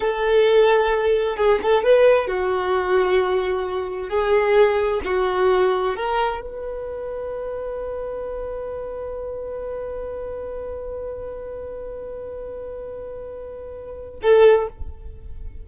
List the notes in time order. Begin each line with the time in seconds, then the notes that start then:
0.00 A4
1.36 G#4
1.62 A4
1.83 B4
2.27 F#4
4.09 G#4
5.04 F#4
5.96 A#4
6.41 B4
14.22 A4